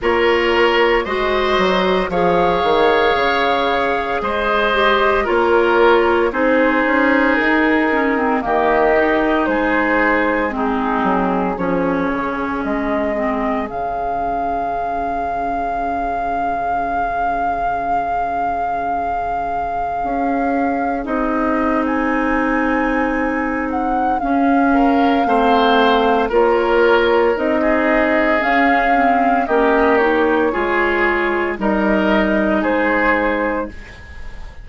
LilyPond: <<
  \new Staff \with { instrumentName = "flute" } { \time 4/4 \tempo 4 = 57 cis''4 dis''4 f''2 | dis''4 cis''4 c''4 ais'4 | dis''4 c''4 gis'4 cis''4 | dis''4 f''2.~ |
f''1 | dis''8. gis''4.~ gis''16 fis''8 f''4~ | f''4 cis''4 dis''4 f''4 | dis''8 cis''4. dis''4 c''4 | }
  \new Staff \with { instrumentName = "oboe" } { \time 4/4 ais'4 c''4 cis''2 | c''4 ais'4 gis'2 | g'4 gis'4 dis'4 gis'4~ | gis'1~ |
gis'1~ | gis'2.~ gis'8 ais'8 | c''4 ais'4~ ais'16 gis'4.~ gis'16 | g'4 gis'4 ais'4 gis'4 | }
  \new Staff \with { instrumentName = "clarinet" } { \time 4/4 f'4 fis'4 gis'2~ | gis'8 g'8 f'4 dis'4. cis'16 c'16 | ais8 dis'4. c'4 cis'4~ | cis'8 c'8 cis'2.~ |
cis'1 | dis'2. cis'4 | c'4 f'4 dis'4 cis'8 c'8 | cis'8 dis'8 f'4 dis'2 | }
  \new Staff \with { instrumentName = "bassoon" } { \time 4/4 ais4 gis8 fis8 f8 dis8 cis4 | gis4 ais4 c'8 cis'8 dis'4 | dis4 gis4. fis8 f8 cis8 | gis4 cis2.~ |
cis2. cis'4 | c'2. cis'4 | a4 ais4 c'4 cis'4 | ais4 gis4 g4 gis4 | }
>>